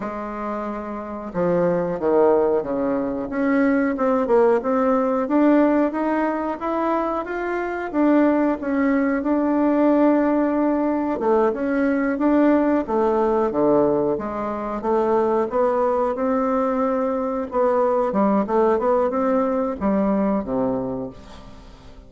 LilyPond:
\new Staff \with { instrumentName = "bassoon" } { \time 4/4 \tempo 4 = 91 gis2 f4 dis4 | cis4 cis'4 c'8 ais8 c'4 | d'4 dis'4 e'4 f'4 | d'4 cis'4 d'2~ |
d'4 a8 cis'4 d'4 a8~ | a8 d4 gis4 a4 b8~ | b8 c'2 b4 g8 | a8 b8 c'4 g4 c4 | }